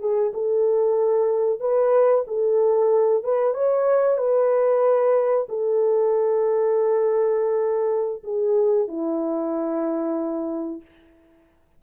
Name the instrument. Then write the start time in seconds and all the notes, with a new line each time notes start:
horn
0.00 G#4
0.34 A4
1.60 B4
2.27 A4
3.24 B4
3.55 C#5
4.18 B4
5.49 A4
8.24 G#4
8.88 E4